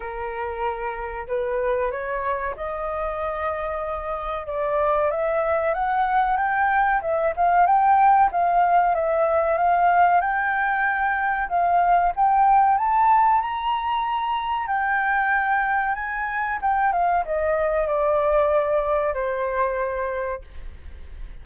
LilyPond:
\new Staff \with { instrumentName = "flute" } { \time 4/4 \tempo 4 = 94 ais'2 b'4 cis''4 | dis''2. d''4 | e''4 fis''4 g''4 e''8 f''8 | g''4 f''4 e''4 f''4 |
g''2 f''4 g''4 | a''4 ais''2 g''4~ | g''4 gis''4 g''8 f''8 dis''4 | d''2 c''2 | }